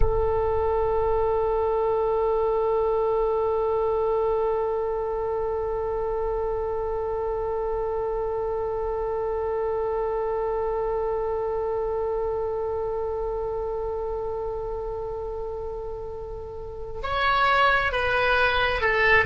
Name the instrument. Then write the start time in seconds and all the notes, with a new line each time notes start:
oboe
0.00 A4
17.02 C#5
17.91 B4
18.81 A4